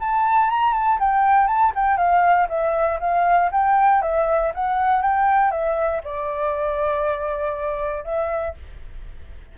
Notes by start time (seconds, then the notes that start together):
0.00 A5
0.50 A#5
0.73 A5
1.00 G5
1.47 A5
1.76 G5
1.97 F5
2.49 E5
3.00 F5
3.52 G5
4.02 E5
4.54 F#5
5.02 G5
5.51 E5
6.04 D5
8.04 E5